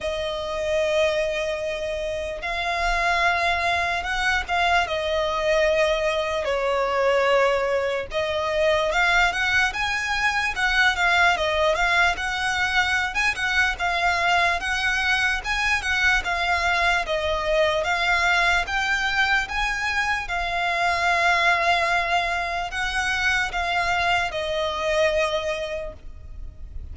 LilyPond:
\new Staff \with { instrumentName = "violin" } { \time 4/4 \tempo 4 = 74 dis''2. f''4~ | f''4 fis''8 f''8 dis''2 | cis''2 dis''4 f''8 fis''8 | gis''4 fis''8 f''8 dis''8 f''8 fis''4~ |
fis''16 gis''16 fis''8 f''4 fis''4 gis''8 fis''8 | f''4 dis''4 f''4 g''4 | gis''4 f''2. | fis''4 f''4 dis''2 | }